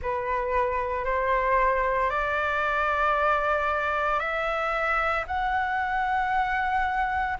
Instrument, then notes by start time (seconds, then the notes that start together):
flute
0.01 B4
1.04 C5
2.10 D5
4.19 E5
5.27 F#5